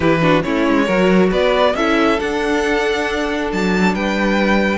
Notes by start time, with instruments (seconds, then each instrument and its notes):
0.00 cello E3, viola E4, violin G4 B4
0.21 viola D4, violin F#4
0.43 cello A3, viola C#4, violin E4 C#5
0.68 cello G#3
0.85 cello F#3, viola F#4, violin A#4
1.30 cello B3, violin B4 D5
1.74 cello C#4, viola E4, violin A4 E5
2.18 viola D4, cello D4, violin F#5
3.52 cello F#3, violin A5
3.94 cello G3, violin B4 G5